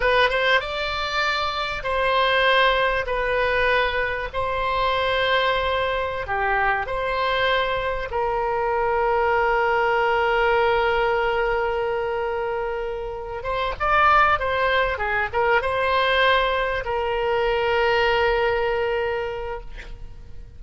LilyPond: \new Staff \with { instrumentName = "oboe" } { \time 4/4 \tempo 4 = 98 b'8 c''8 d''2 c''4~ | c''4 b'2 c''4~ | c''2~ c''16 g'4 c''8.~ | c''4~ c''16 ais'2~ ais'8.~ |
ais'1~ | ais'2 c''8 d''4 c''8~ | c''8 gis'8 ais'8 c''2 ais'8~ | ais'1 | }